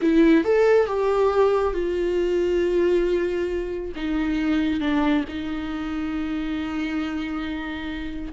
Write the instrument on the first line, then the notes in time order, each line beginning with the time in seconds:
viola
0.01 E4
0.44 A4
0.87 G4
1.73 F4
3.95 D#4
4.80 D4
5.28 D#4